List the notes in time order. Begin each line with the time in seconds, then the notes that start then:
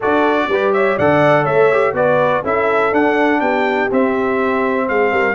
0.00 D4 F#4 A4 D5
0.48 G3 G4 B4
0.73 C#5 E5
0.96 D3 A4 D5 F#5
1.43 A3 C#5 E5
1.72 G4
1.93 B3 F#4 B4 D5
2.42 C#4 E4 A4 E5
2.92 D4 F#5
3.40 B3 G4 G5
3.91 C4 E5
4.88 G#3 G#4 F5
5.11 G3 A#4